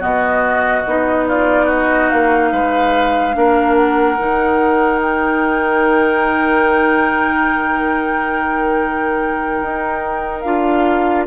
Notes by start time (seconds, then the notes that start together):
0.00 B2 B3 F#4 D#5
0.86 B3 D#4
1.28 F4 D5
1.66 F#4 D#5
2.10 A#3 F5
2.52 G#3 B4
3.34 A#3 D4 A#4
3.75 F#5
4.19 D#3 D#4
5.02 G5
9.63 D#4
10.41 D4 F4 F5